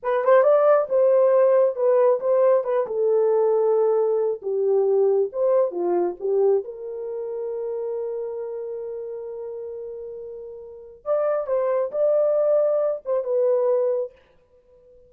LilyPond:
\new Staff \with { instrumentName = "horn" } { \time 4/4 \tempo 4 = 136 b'8 c''8 d''4 c''2 | b'4 c''4 b'8 a'4.~ | a'2 g'2 | c''4 f'4 g'4 ais'4~ |
ais'1~ | ais'1~ | ais'4 d''4 c''4 d''4~ | d''4. c''8 b'2 | }